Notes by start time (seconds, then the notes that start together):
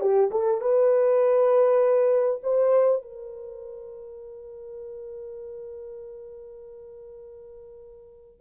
0.00 G4
0.31 A4
0.61 B4
2.43 C5
3.02 A#4